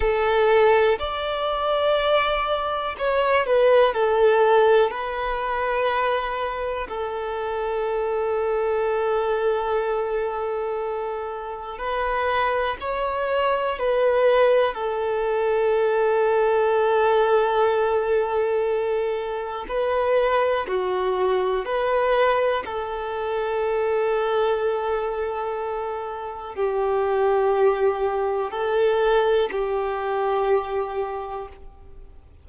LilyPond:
\new Staff \with { instrumentName = "violin" } { \time 4/4 \tempo 4 = 61 a'4 d''2 cis''8 b'8 | a'4 b'2 a'4~ | a'1 | b'4 cis''4 b'4 a'4~ |
a'1 | b'4 fis'4 b'4 a'4~ | a'2. g'4~ | g'4 a'4 g'2 | }